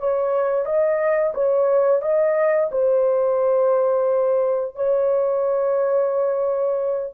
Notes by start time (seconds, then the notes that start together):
0.00 C#5
0.66 D#5
1.35 C#5
2.02 D#5
2.72 C5
4.76 C#5